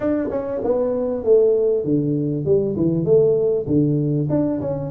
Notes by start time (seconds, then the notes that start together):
0.00 D4
0.30 C#4
0.64 B3
1.24 A3
1.84 D3
2.45 G3
2.76 E3
3.04 A3
3.66 D3
4.29 D4
4.60 C#4